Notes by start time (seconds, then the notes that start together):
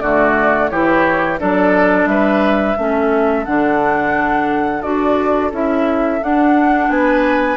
0.00 D3 A3 F#4 D5
0.69 E3 E4 G4 C#5
1.39 F#3 D4 A4 D5
2.06 G3 B4 E5
2.77 A3 C#4 A4
3.45 D3 D4 F#5
4.82 D4 F#4 D5
5.52 C#4 E4 E5
6.22 D4 F#5
6.89 B3 B4 G#5